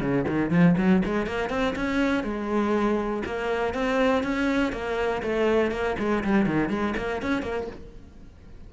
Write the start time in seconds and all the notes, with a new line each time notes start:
0.00 C#3
0.27 D#3
0.50 F3
0.77 F#3
1.05 G#3
1.26 A#3
1.49 C4
1.75 C#4
2.23 G#3
3.25 A#3
3.74 C4
4.23 C#4
4.72 A#3
5.22 A3
5.71 A#3
5.99 G#3
6.23 G3
6.46 D#3
6.69 G#3
6.97 A#3
7.22 C#4
7.42 A#3